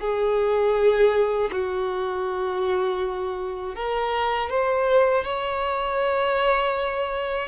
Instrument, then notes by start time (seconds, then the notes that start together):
violin
0.00 G#4
1.51 F#4
3.75 A#4
4.49 C5
5.24 C#5